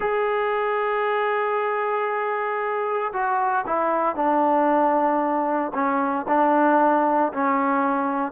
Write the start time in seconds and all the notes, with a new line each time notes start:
0.00 G#4
3.13 F#4
3.66 E4
4.15 D4
5.73 C#4
6.28 D4
7.33 C#4